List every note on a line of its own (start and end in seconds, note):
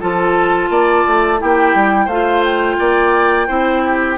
0.00 0.70 F3
0.00 1.38 F4
0.00 0.70 A4
0.00 1.42 A5
0.70 1.05 A#3
0.70 1.41 D5
1.07 1.42 A3
1.38 1.75 A#3
1.38 2.08 E4
1.38 2.06 G4
1.38 2.09 G5
1.75 2.07 G3
2.06 2.77 A3
2.06 3.48 F4
2.06 2.75 C5
2.06 2.43 F5
2.44 4.18 G5
2.79 3.49 A#3
2.79 3.47 D5
3.47 4.18 C4
3.47 4.18 E4
3.47 3.82 C5
3.85 4.18 G4